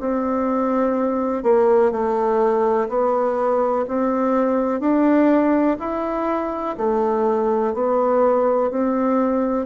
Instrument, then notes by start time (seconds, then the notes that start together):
bassoon
0.00 C4
1.43 A#3
1.91 A3
2.89 B3
3.88 C4
4.80 D4
5.79 E4
6.77 A3
7.74 B3
8.71 C4